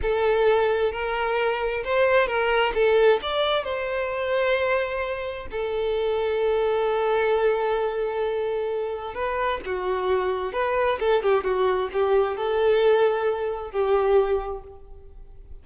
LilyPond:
\new Staff \with { instrumentName = "violin" } { \time 4/4 \tempo 4 = 131 a'2 ais'2 | c''4 ais'4 a'4 d''4 | c''1 | a'1~ |
a'1 | b'4 fis'2 b'4 | a'8 g'8 fis'4 g'4 a'4~ | a'2 g'2 | }